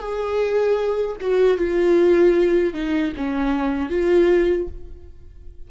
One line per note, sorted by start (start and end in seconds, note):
0.00 1.17 G#4
1.21 1.58 F#4
1.58 2.74 F4
2.74 3.13 D#4
3.17 3.90 C#4
3.90 4.68 F4